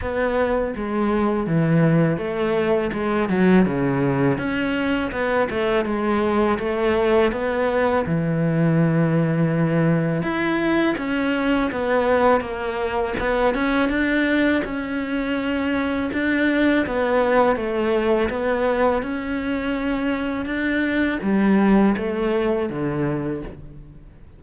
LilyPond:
\new Staff \with { instrumentName = "cello" } { \time 4/4 \tempo 4 = 82 b4 gis4 e4 a4 | gis8 fis8 cis4 cis'4 b8 a8 | gis4 a4 b4 e4~ | e2 e'4 cis'4 |
b4 ais4 b8 cis'8 d'4 | cis'2 d'4 b4 | a4 b4 cis'2 | d'4 g4 a4 d4 | }